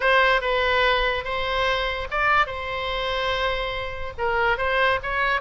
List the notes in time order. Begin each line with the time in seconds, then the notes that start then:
0.00 C5
0.41 B4
1.24 C5
2.10 D5
2.46 C5
4.18 A#4
4.57 C5
5.02 C#5